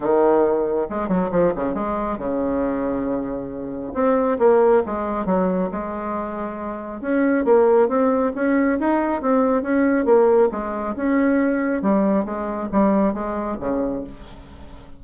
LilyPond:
\new Staff \with { instrumentName = "bassoon" } { \time 4/4 \tempo 4 = 137 dis2 gis8 fis8 f8 cis8 | gis4 cis2.~ | cis4 c'4 ais4 gis4 | fis4 gis2. |
cis'4 ais4 c'4 cis'4 | dis'4 c'4 cis'4 ais4 | gis4 cis'2 g4 | gis4 g4 gis4 cis4 | }